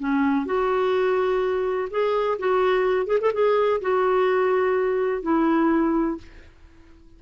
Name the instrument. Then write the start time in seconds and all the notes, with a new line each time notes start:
clarinet
0.00 C#4
0.46 F#4
1.91 G#4
2.39 F#4
3.07 G#4
3.21 A4
3.34 G#4
3.82 F#4
5.23 E4